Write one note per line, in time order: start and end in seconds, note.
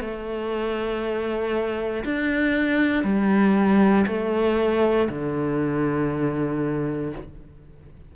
0.00 2.03 A3
2.04 3.03 D4
3.03 4.05 G3
4.07 5.08 A3
5.09 7.12 D3